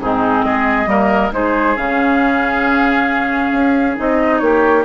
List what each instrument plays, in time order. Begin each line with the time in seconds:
0.00 bassoon G#2, clarinet C4, oboe D#4, flute G#4
0.43 bassoon G#3, oboe G#4, flute D#5
0.86 bassoon G3, clarinet A#3, oboe A#4
1.31 bassoon G#3, clarinet D#4, oboe G#4, flute C5
1.76 bassoon C#3, clarinet C#4, flute F5
3.51 bassoon C#4
3.96 bassoon C4, clarinet D#4, flute D#5
4.39 bassoon A#3, oboe G4, flute C#5